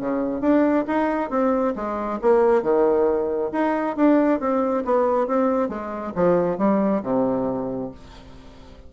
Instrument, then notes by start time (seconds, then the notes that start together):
bassoon
0.00 C#3
0.41 D4
0.87 D#4
1.30 C4
1.75 G#3
2.21 A#3
2.62 D#3
3.52 D#4
3.96 D4
4.40 C4
4.84 B3
5.27 C4
5.69 G#3
6.15 F3
6.58 G3
7.02 C3